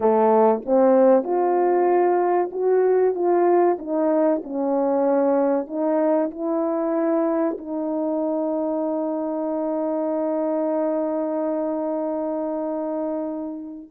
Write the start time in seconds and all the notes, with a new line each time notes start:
0.00 A3
0.65 C4
1.23 F4
2.51 F#4
3.14 F4
3.78 D#4
4.43 C#4
5.67 D#4
6.30 E4
7.58 D#4